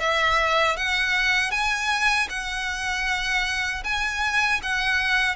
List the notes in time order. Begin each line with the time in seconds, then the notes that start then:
0.00 E5
0.77 F#5
1.51 G#5
2.30 F#5
3.84 G#5
4.63 F#5